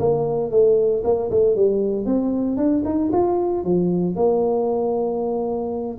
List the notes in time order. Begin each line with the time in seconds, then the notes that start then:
0.00 A#3
0.51 A3
1.04 A#3
1.31 A3
1.56 G3
2.06 C4
2.57 D4
2.85 D#4
3.13 F4
3.65 F3
4.16 A#3